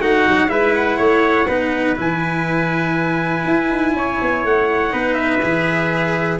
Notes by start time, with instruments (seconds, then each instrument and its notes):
0.00 tuba A3, cello D#4, trumpet F#4 F#5
0.27 tuba F#3
0.48 tuba G#3, cello E4, trumpet B4 E5
0.75 trumpet F#5
0.98 tuba A3, trumpet C#5
1.48 tuba B3, cello D#4, trumpet B4
1.96 tuba E3, cello E4, trumpet G#5
3.46 tuba E4
3.70 tuba D#4
3.93 tuba C#4, trumpet C#5
4.22 tuba B3
4.45 tuba A3, trumpet F#5
4.91 tuba B3, cello D#4, trumpet B4
5.15 trumpet E5
5.43 tuba E3, cello G#4